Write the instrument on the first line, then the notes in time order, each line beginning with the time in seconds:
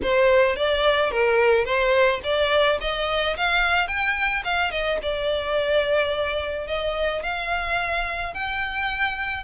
violin
0.02 C5
0.56 D5
1.11 A#4
1.65 C5
2.23 D5
2.80 D#5
3.36 F5
3.87 G5
4.44 F5
4.71 D#5
5.02 D5
6.67 D#5
7.22 F5
8.33 G5